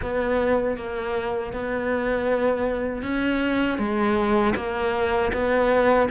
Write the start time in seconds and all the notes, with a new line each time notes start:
0.01 B3
0.76 A#3
1.52 B3
3.02 C#4
3.78 G#3
4.56 A#3
5.33 B3